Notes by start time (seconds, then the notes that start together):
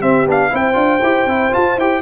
0.00 C4 G4 E5
0.26 B3 D4 F5
0.51 C4 E4 C5 G5
0.74 D4 F4
1.03 E4 G4
1.26 C4 E4
1.51 F4 A5
1.77 E4 G4 G5